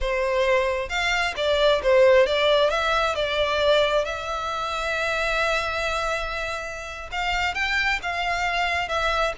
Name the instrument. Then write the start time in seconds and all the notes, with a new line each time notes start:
violin
0.00 C5
0.89 F5
1.36 D5
1.82 C5
2.26 D5
2.70 E5
3.15 D5
4.05 E5
7.11 F5
7.54 G5
8.02 F5
8.88 E5